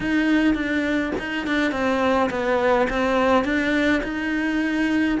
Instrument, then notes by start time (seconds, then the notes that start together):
cello
0.00 D#4
0.54 D4
1.18 D#4
1.46 D4
1.72 C4
2.29 B3
2.89 C4
3.44 D4
4.03 D#4